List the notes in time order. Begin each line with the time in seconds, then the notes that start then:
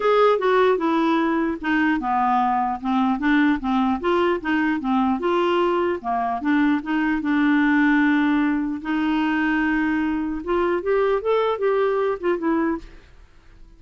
0.00 G#4
0.39 F#4
0.77 E4
1.61 D#4
1.99 B3
2.80 C4
3.19 D4
3.60 C4
4.00 F4
4.41 D#4
4.80 C4
5.19 F4
6.01 A#3
6.41 D4
6.82 D#4
7.21 D4
8.81 D#4
10.43 F4
10.82 G4
11.21 A4
11.58 G4
12.19 F4
12.38 E4